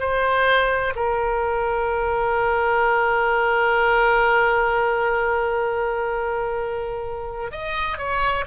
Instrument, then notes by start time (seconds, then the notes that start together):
oboe
0.00 C5
0.95 A#4
7.52 D#5
7.98 C#5